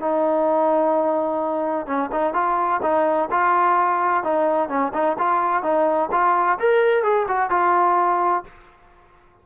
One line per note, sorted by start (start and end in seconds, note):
0.00 1.86 D#4
1.86 2.10 C#4
2.12 2.34 D#4
2.34 2.81 F4
2.83 3.29 D#4
3.31 4.24 F4
4.24 4.69 D#4
4.69 4.92 C#4
4.94 5.17 D#4
5.19 5.63 F4
5.63 6.10 D#4
6.12 6.59 F4
6.59 7.03 A#4
7.03 7.27 G#4
7.28 7.50 F#4
7.50 8.44 F4